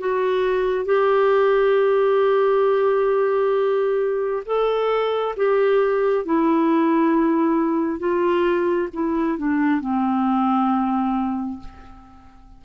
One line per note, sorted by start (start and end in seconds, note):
0.00 0.85 F#4
0.85 4.44 G4
4.46 5.36 A4
5.37 6.26 G4
6.26 7.99 E4
7.99 8.89 F4
8.93 9.38 E4
9.39 9.81 D4
9.81 11.60 C4